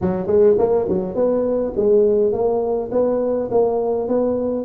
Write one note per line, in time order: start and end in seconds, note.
0.01 0.26 F#3
0.26 0.55 G#3
0.58 0.87 A#3
0.88 1.15 F#3
1.15 1.73 B3
1.76 2.32 G#3
2.32 2.90 A#3
2.91 3.50 B3
3.51 4.08 A#3
4.08 4.64 B3